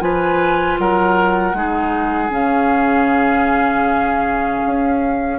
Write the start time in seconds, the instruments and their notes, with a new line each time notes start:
0.00 bassoon F3, clarinet F4, oboe B4, flute G#5
0.78 bassoon F#3, oboe A#4, flute F#5
1.53 bassoon G#3, clarinet D#4, oboe G#4
2.29 bassoon C#3, clarinet C#4, flute F5
4.66 bassoon C#4